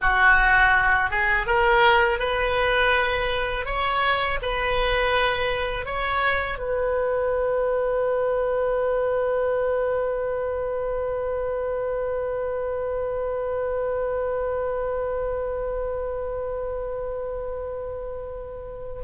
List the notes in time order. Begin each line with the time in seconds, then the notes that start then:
0.01 F#4
1.10 G#4
1.46 A#4
2.19 B4
3.65 C#5
4.41 B4
5.85 C#5
6.58 B4